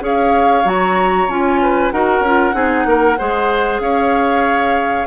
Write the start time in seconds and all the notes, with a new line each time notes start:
0.00 C#4 G#4 C#5 F5
0.64 F#3 F#4 A#5
1.28 C#4 F4 G#5
1.62 B4
1.91 D#4 F#4 A#4 F#5
2.20 C#4
2.26 F4
2.52 C4 D#4 G#4
2.85 A#3 A#4
3.18 G#3 G#4 C5
3.79 C#4 C#5 F5